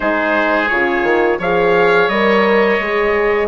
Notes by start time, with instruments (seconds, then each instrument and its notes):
0.00 bassoon G#3, horn D#4, oboe G#4, trumpet C5
0.68 bassoon C#3, horn F4, trumpet C#5
1.03 bassoon D#3
1.38 bassoon F3, horn G#4, oboe C#5, trumpet F5
2.08 bassoon G3, horn A#4, trumpet D#5
2.79 bassoon G#3, horn G#4